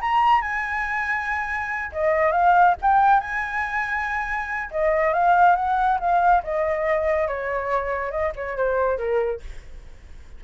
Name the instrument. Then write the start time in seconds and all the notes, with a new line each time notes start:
flute
0.00 A#5
0.41 G#5
1.92 D#5
2.31 F5
2.81 G5
3.20 G#5
4.71 D#5
5.13 F5
5.55 F#5
5.99 F5
6.43 D#5
7.27 C#5
8.11 D#5
8.35 C#5
8.57 C5
8.97 A#4